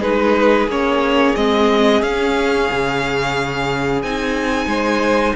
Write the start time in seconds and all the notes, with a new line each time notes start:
0.00 G#3 D#4 G#4 B4
0.67 A#3 C#4 C#5
1.35 G#3 C4 D#5
2.02 C#4 F5
2.71 C#3
4.02 C4 D#4 G#5
4.66 G#3 C5